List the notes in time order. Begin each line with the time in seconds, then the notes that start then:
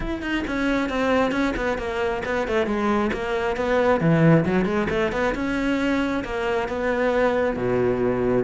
0.00 E4
0.21 D#4
0.47 C#4
0.89 C4
1.31 C#4
1.56 B3
1.77 A#3
2.25 B3
2.47 A3
2.66 G#3
3.13 A#3
3.56 B3
4.00 E3
4.45 F#3
4.65 G#3
4.89 A3
5.12 B3
5.34 C#4
6.24 A#3
6.68 B3
7.56 B2